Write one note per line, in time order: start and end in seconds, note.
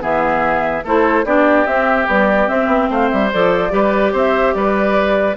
0.00 0.84 E3
0.00 0.82 B3
0.00 0.84 G#4
0.00 0.85 E5
0.84 1.25 A3
0.84 1.26 E4
0.84 1.25 A4
0.84 1.26 C5
1.25 1.66 B3
1.25 1.67 D4
1.25 2.90 G4
1.25 1.67 D5
1.67 2.07 C4
1.67 2.08 C4
1.67 2.08 E5
2.07 2.47 G3
2.07 2.48 B3
2.07 2.49 D5
2.47 3.30 C4
2.47 2.67 C4
2.47 2.90 E5
2.67 2.87 B3
2.90 3.11 A3
2.90 3.72 C5
2.90 3.10 F5
3.10 3.33 G3
3.10 3.30 E5
3.33 3.72 F3
3.33 3.70 A4
3.33 4.15 D5
3.70 4.13 G3
3.70 5.35 G4
3.70 4.13 B4
4.13 4.54 C4
4.13 4.54 C5
4.13 4.54 E5
4.54 5.37 G3
4.54 5.37 B4
4.54 5.36 D5